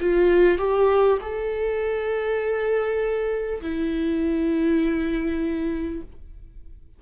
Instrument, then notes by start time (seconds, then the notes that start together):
viola
0.00 F4
0.57 G4
1.21 A4
3.61 E4